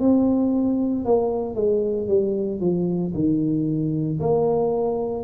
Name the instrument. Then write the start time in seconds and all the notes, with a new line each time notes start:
tuba
0.00 C4
1.06 A#3
1.56 G#3
2.08 G3
2.61 F3
3.14 D#3
4.20 A#3